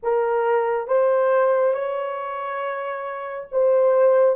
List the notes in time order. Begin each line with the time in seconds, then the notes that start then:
0.02 A#4
0.87 C5
1.74 C#5
3.51 C5